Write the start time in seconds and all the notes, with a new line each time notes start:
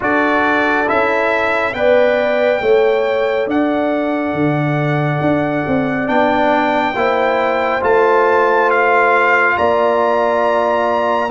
0.00 D4 F#4 A4 D5
0.87 C#4 E4 E5
1.73 B3 B4 D5 G5
2.61 A3 A4 C#5
3.46 D4 D5 F#5
4.33 D3
5.20 D4
5.67 C4
6.07 B3 D4 G5
6.94 A#3 E4 C5
7.81 A3 F4 A5
8.70 F5
9.57 A#3 D5 A#5